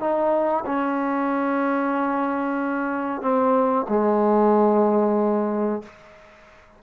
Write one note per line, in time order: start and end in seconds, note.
0.00 0.65 D#4
0.66 3.21 C#4
3.21 3.86 C4
3.89 5.82 G#3